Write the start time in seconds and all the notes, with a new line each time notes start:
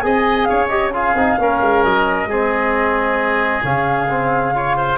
0.00 C4 G#4 D#5 G#5
0.44 C#5 F5
0.50 C#4
0.68 G4 D#5
0.93 F4 G#4 F5
1.14 C4 D#4
1.38 A#3 C#4 A#4
1.61 G#3
1.83 F#3 D#5
2.25 G#3 C4 G#4
3.63 C#3 C#4 F5
4.10 C4
4.54 F4 C#5
4.76 C5